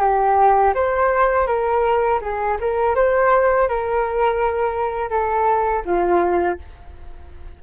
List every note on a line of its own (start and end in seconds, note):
0.00 0.73 G4
0.74 1.47 C5
1.47 2.20 A#4
2.21 2.57 G#4
2.60 2.95 A#4
2.95 3.68 C5
3.68 5.10 A#4
5.10 5.83 A4
5.85 6.58 F4